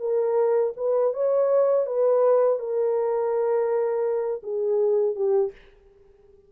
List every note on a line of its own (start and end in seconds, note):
0.00 0.73 A#4
0.77 1.13 B4
1.13 1.86 C#5
1.86 2.59 B4
2.59 4.42 A#4
4.43 5.15 G#4
5.15 5.52 G4